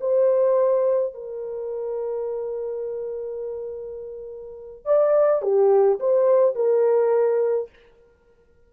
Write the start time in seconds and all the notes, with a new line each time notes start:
0.00 C5
1.14 A#4
4.85 D5
5.42 G4
5.99 C5
6.55 A#4